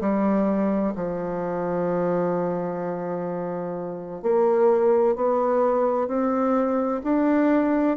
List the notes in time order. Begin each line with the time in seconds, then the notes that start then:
0.00 G3
0.95 F3
4.22 A#3
5.15 B3
6.07 C4
7.03 D4